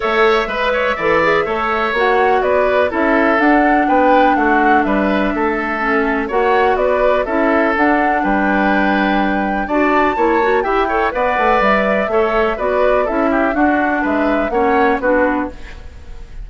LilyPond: <<
  \new Staff \with { instrumentName = "flute" } { \time 4/4 \tempo 4 = 124 e''1 | fis''4 d''4 e''4 fis''4 | g''4 fis''4 e''2~ | e''4 fis''4 d''4 e''4 |
fis''4 g''2. | a''2 g''4 fis''4 | e''2 d''4 e''4 | fis''4 e''4 fis''4 b'4 | }
  \new Staff \with { instrumentName = "oboe" } { \time 4/4 cis''4 b'8 cis''8 d''4 cis''4~ | cis''4 b'4 a'2 | b'4 fis'4 b'4 a'4~ | a'4 cis''4 b'4 a'4~ |
a'4 b'2. | d''4 cis''4 e''8 cis''8 d''4~ | d''4 cis''4 b'4 a'8 g'8 | fis'4 b'4 cis''4 fis'4 | }
  \new Staff \with { instrumentName = "clarinet" } { \time 4/4 a'4 b'4 a'8 gis'8 a'4 | fis'2 e'4 d'4~ | d'1 | cis'4 fis'2 e'4 |
d'1 | fis'4 e'8 fis'8 g'8 a'8 b'4~ | b'4 a'4 fis'4 e'4 | d'2 cis'4 d'4 | }
  \new Staff \with { instrumentName = "bassoon" } { \time 4/4 a4 gis4 e4 a4 | ais4 b4 cis'4 d'4 | b4 a4 g4 a4~ | a4 ais4 b4 cis'4 |
d'4 g2. | d'4 ais4 e'4 b8 a8 | g4 a4 b4 cis'4 | d'4 gis4 ais4 b4 | }
>>